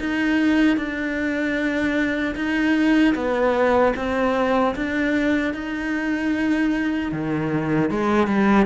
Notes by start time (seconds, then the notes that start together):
0.00 D#4
0.77 D4
2.35 D#4
3.15 B3
3.96 C4
4.75 D4
5.54 D#4
7.12 D#3
7.90 G#3
8.27 G3